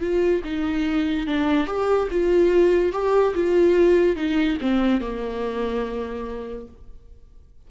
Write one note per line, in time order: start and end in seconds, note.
0.00 0.42 F4
0.44 1.27 D#4
1.27 1.66 D4
1.66 2.08 G4
2.11 2.92 F4
2.92 3.34 G4
3.34 4.16 F4
4.16 4.57 D#4
4.61 5.01 C4
5.01 6.67 A#3